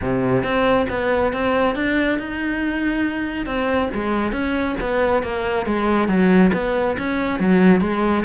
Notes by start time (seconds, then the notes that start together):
0.01 C3
0.43 C4
0.89 B3
1.32 C4
1.75 D4
2.18 D#4
3.45 C4
3.93 G#3
4.32 C#4
4.80 B3
5.23 A#3
5.65 G#3
6.08 F#3
6.53 B3
6.98 C#4
7.39 F#3
7.80 G#3